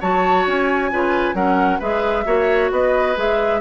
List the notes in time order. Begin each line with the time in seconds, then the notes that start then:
0.00 F#3 F#4 C#5 A5
0.46 C#4 G#5
0.91 C#3 F4 B4
1.33 F#3 C#4 A#4 F#5
1.79 G#3 G#4 B4 E5
2.25 A#3 F#4 C#5
2.71 B3 B4 D#5
3.16 G#3 G#4 E5